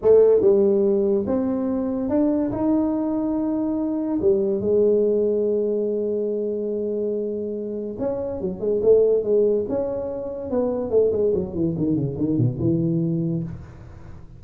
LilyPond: \new Staff \with { instrumentName = "tuba" } { \time 4/4 \tempo 4 = 143 a4 g2 c'4~ | c'4 d'4 dis'2~ | dis'2 g4 gis4~ | gis1~ |
gis2. cis'4 | fis8 gis8 a4 gis4 cis'4~ | cis'4 b4 a8 gis8 fis8 e8 | dis8 cis8 dis8 b,8 e2 | }